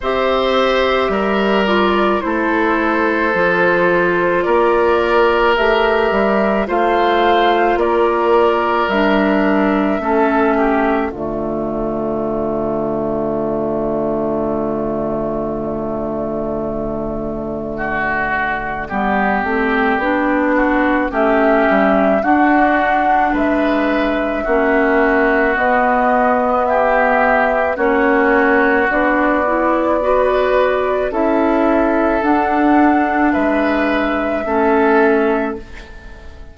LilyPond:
<<
  \new Staff \with { instrumentName = "flute" } { \time 4/4 \tempo 4 = 54 e''4. d''8 c''2 | d''4 e''4 f''4 d''4 | e''2 d''2~ | d''1~ |
d''2. e''4 | fis''4 e''2 dis''4 | e''4 cis''4 d''2 | e''4 fis''4 e''2 | }
  \new Staff \with { instrumentName = "oboe" } { \time 4/4 c''4 ais'4 a'2 | ais'2 c''4 ais'4~ | ais'4 a'8 g'8 f'2~ | f'1 |
fis'4 g'4. fis'8 g'4 | fis'4 b'4 fis'2 | g'4 fis'2 b'4 | a'2 b'4 a'4 | }
  \new Staff \with { instrumentName = "clarinet" } { \time 4/4 g'4. f'8 e'4 f'4~ | f'4 g'4 f'2 | d'4 cis'4 a2~ | a1~ |
a4 b8 c'8 d'4 cis'4 | d'2 cis'4 b4~ | b4 cis'4 d'8 e'8 fis'4 | e'4 d'2 cis'4 | }
  \new Staff \with { instrumentName = "bassoon" } { \time 4/4 c'4 g4 a4 f4 | ais4 a8 g8 a4 ais4 | g4 a4 d2~ | d1~ |
d4 g8 a8 b4 a8 g8 | d'4 gis4 ais4 b4~ | b4 ais4 b2 | cis'4 d'4 gis4 a4 | }
>>